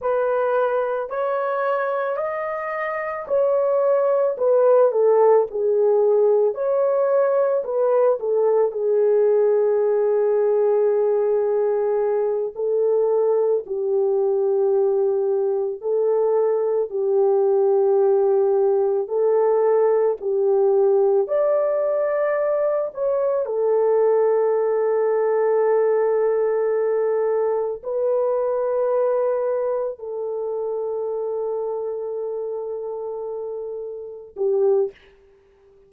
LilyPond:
\new Staff \with { instrumentName = "horn" } { \time 4/4 \tempo 4 = 55 b'4 cis''4 dis''4 cis''4 | b'8 a'8 gis'4 cis''4 b'8 a'8 | gis'2.~ gis'8 a'8~ | a'8 g'2 a'4 g'8~ |
g'4. a'4 g'4 d''8~ | d''4 cis''8 a'2~ a'8~ | a'4. b'2 a'8~ | a'2.~ a'8 g'8 | }